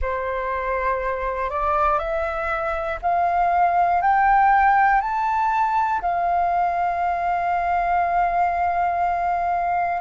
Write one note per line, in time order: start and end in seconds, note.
0.01 1.50 C5
1.50 1.98 D5
1.98 2.98 E5
3.02 4.01 F5
4.01 5.00 G5
5.00 6.00 A5
6.01 10.01 F5